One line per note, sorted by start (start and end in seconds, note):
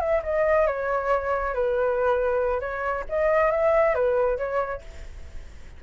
0.00 0.22 E5
0.23 0.67 D#5
0.67 1.54 C#5
1.54 2.60 B4
2.60 3.04 C#5
3.09 3.51 D#5
3.51 3.95 E5
3.95 4.38 B4
4.38 4.81 C#5